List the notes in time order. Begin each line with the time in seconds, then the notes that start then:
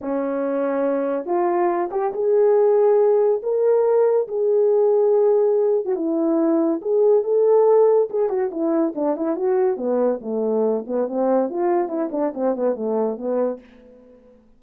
0.01 C#4
1.25 F4
1.91 G4
2.13 G#4
3.42 A#4
4.27 G#4
5.85 F#4
5.95 E4
6.81 G#4
7.23 A4
8.10 G#4
8.29 F#4
8.51 E4
8.95 D4
9.16 E4
9.36 F#4
9.77 B3
10.21 A3
10.86 B3
11.07 C4
11.49 F4
11.88 E4
12.11 D4
12.34 C4
12.55 B3
12.75 A3
13.17 B3